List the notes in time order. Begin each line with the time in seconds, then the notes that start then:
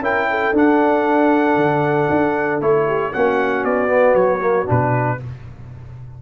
0.00 C#4 E4 A#4 G5
0.30 A4
0.53 D4 F#5
1.56 D3
2.10 D4
2.61 A3 E4 C#5
2.87 G4
3.13 A#3 C#4 F#4 F#5
3.64 B3 D5
3.88 B3
4.14 F#3 C#5
4.41 A#3
4.66 B2 D4 B4